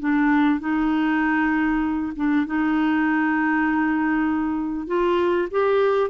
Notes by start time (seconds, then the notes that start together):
0.00 D4
0.60 D#4
2.16 D4
2.46 D#4
4.87 F4
5.51 G4